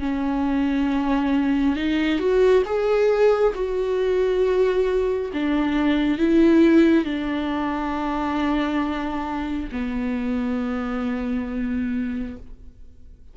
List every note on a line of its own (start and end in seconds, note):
0.00 1.76 C#4
1.76 2.19 D#4
2.19 2.64 F#4
2.66 3.54 G#4
3.55 5.31 F#4
5.34 6.18 D4
6.18 7.05 E4
7.05 9.70 D4
9.72 12.37 B3